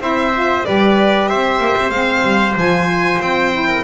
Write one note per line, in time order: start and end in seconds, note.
0.00 0.64 C4
0.00 0.32 E4
0.00 0.66 C5
0.00 0.65 E5
0.33 0.65 F4
0.65 1.32 G3
0.65 1.91 G4
0.65 1.29 B4
0.65 1.28 D5
1.28 1.59 C4
1.28 3.67 C5
1.28 1.90 E5
1.59 1.75 A#3
1.76 1.90 C4
1.90 2.22 G#3
1.90 2.55 C4
1.90 2.54 F5
2.22 2.54 G3
2.56 3.19 F3
2.56 3.52 F4
2.56 3.21 G#5
3.21 3.83 C4
3.21 3.83 G5
3.52 3.83 E4
3.67 3.83 A#4